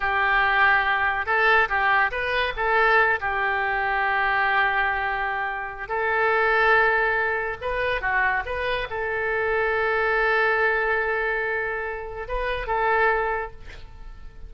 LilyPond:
\new Staff \with { instrumentName = "oboe" } { \time 4/4 \tempo 4 = 142 g'2. a'4 | g'4 b'4 a'4. g'8~ | g'1~ | g'2 a'2~ |
a'2 b'4 fis'4 | b'4 a'2.~ | a'1~ | a'4 b'4 a'2 | }